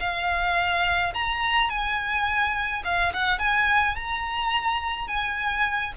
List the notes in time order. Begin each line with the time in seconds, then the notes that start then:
0.00 F5
1.14 A#5
1.70 G#5
2.85 F5
3.14 F#5
3.39 G#5
3.96 A#5
5.08 G#5